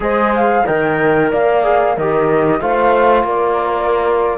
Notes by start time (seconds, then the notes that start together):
0.00 G#3 G#4 C5 D#5
0.35 F5
0.65 D#3 A#4 D#5 G5
1.31 A#3 D5 F5
1.63 G#4
1.95 D#3 G4 A#4 D#5
2.60 A3 F4 C5 F5
3.23 A#3 A#4 D5